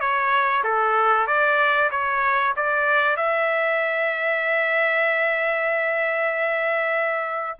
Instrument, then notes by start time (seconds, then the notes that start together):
trumpet
0.00 C#5
0.64 A4
1.27 D5
1.91 C#5
2.56 D5
3.17 E5